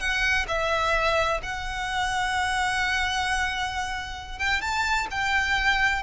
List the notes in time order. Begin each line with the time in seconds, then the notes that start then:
0.00 F#5
0.48 E5
1.43 F#5
4.39 G5
4.61 A5
5.11 G5